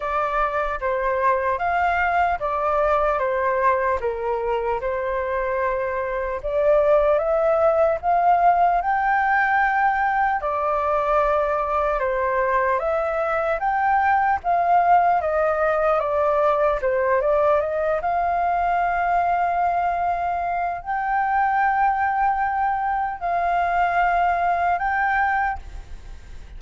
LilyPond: \new Staff \with { instrumentName = "flute" } { \time 4/4 \tempo 4 = 75 d''4 c''4 f''4 d''4 | c''4 ais'4 c''2 | d''4 e''4 f''4 g''4~ | g''4 d''2 c''4 |
e''4 g''4 f''4 dis''4 | d''4 c''8 d''8 dis''8 f''4.~ | f''2 g''2~ | g''4 f''2 g''4 | }